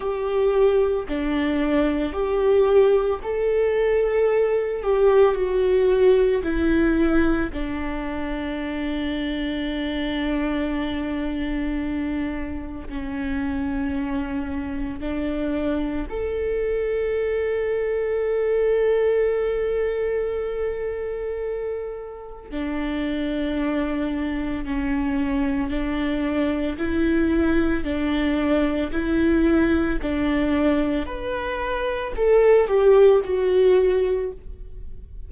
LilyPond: \new Staff \with { instrumentName = "viola" } { \time 4/4 \tempo 4 = 56 g'4 d'4 g'4 a'4~ | a'8 g'8 fis'4 e'4 d'4~ | d'1 | cis'2 d'4 a'4~ |
a'1~ | a'4 d'2 cis'4 | d'4 e'4 d'4 e'4 | d'4 b'4 a'8 g'8 fis'4 | }